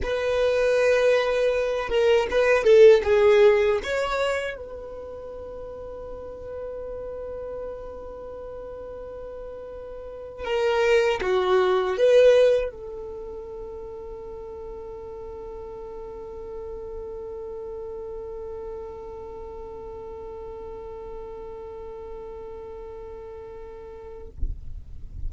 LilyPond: \new Staff \with { instrumentName = "violin" } { \time 4/4 \tempo 4 = 79 b'2~ b'8 ais'8 b'8 a'8 | gis'4 cis''4 b'2~ | b'1~ | b'4.~ b'16 ais'4 fis'4 b'16~ |
b'8. a'2.~ a'16~ | a'1~ | a'1~ | a'1 | }